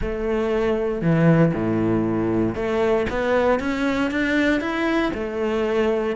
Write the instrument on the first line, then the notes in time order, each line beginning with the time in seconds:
cello
0.01 A3
1.01 E3
1.53 A2
2.55 A3
3.09 B3
3.59 C#4
4.10 D4
4.60 E4
5.14 A3